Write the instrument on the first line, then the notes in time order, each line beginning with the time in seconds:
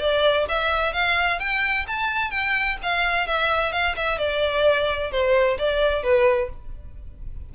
violin
0.00 D5
0.49 E5
0.93 F5
1.40 G5
1.88 A5
2.31 G5
2.83 F5
3.28 E5
3.73 F5
3.96 E5
4.19 D5
5.12 C5
5.59 D5
6.03 B4